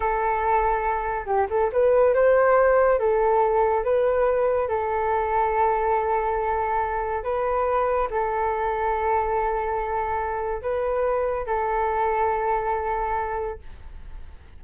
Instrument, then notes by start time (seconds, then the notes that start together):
flute
0.00 A4
1.25 G4
1.50 A4
1.72 B4
2.14 C5
2.99 A4
3.84 B4
4.68 A4
7.23 B4
8.10 A4
10.62 B4
11.46 A4